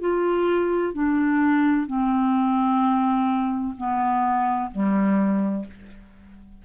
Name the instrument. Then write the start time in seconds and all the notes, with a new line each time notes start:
clarinet
0.00 F4
0.93 D4
1.87 C4
3.77 B3
4.71 G3